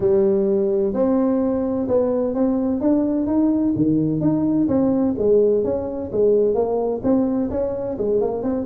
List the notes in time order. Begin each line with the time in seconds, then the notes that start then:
0.00 G3
0.93 C4
1.87 B3
2.34 C4
2.81 D4
3.26 D#4
3.75 D#3
4.20 D#4
4.67 C4
5.18 G#3
5.64 C#4
6.12 G#3
6.54 A#3
7.03 C4
7.50 C#4
7.98 G#3
8.20 A#3
8.43 C4